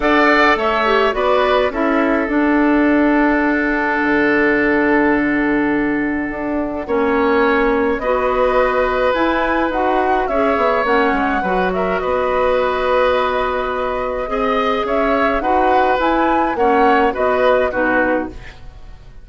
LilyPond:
<<
  \new Staff \with { instrumentName = "flute" } { \time 4/4 \tempo 4 = 105 fis''4 e''4 d''4 e''4 | fis''1~ | fis''1~ | fis''2 dis''2 |
gis''4 fis''4 e''4 fis''4~ | fis''8 e''8 dis''2.~ | dis''2 e''4 fis''4 | gis''4 fis''4 dis''4 b'4 | }
  \new Staff \with { instrumentName = "oboe" } { \time 4/4 d''4 cis''4 b'4 a'4~ | a'1~ | a'1 | cis''2 b'2~ |
b'2 cis''2 | b'8 ais'8 b'2.~ | b'4 dis''4 cis''4 b'4~ | b'4 cis''4 b'4 fis'4 | }
  \new Staff \with { instrumentName = "clarinet" } { \time 4/4 a'4. g'8 fis'4 e'4 | d'1~ | d'1 | cis'2 fis'2 |
e'4 fis'4 gis'4 cis'4 | fis'1~ | fis'4 gis'2 fis'4 | e'4 cis'4 fis'4 dis'4 | }
  \new Staff \with { instrumentName = "bassoon" } { \time 4/4 d'4 a4 b4 cis'4 | d'2. d4~ | d2. d'4 | ais2 b2 |
e'4 dis'4 cis'8 b8 ais8 gis8 | fis4 b2.~ | b4 c'4 cis'4 dis'4 | e'4 ais4 b4 b,4 | }
>>